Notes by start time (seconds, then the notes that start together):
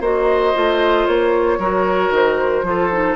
0.00 A#3 F#4 C5 D#5
0.54 A3 F4
1.07 A#3 C#5
1.58 F#3 F#4 A#4
2.10 D#3 C5
2.62 F3 F4
2.69 A4
2.91 D#4